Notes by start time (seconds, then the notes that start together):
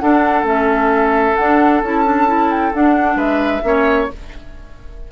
0.00 D4 A4 F#5
0.43 A3 C#4 E5
1.36 D4 F#5
1.83 C#4 E4 A5
2.05 D4
2.27 E4
2.51 G5
2.74 D4 F#5
3.16 G#3 B4 E5
3.63 A#3 C#4 C#5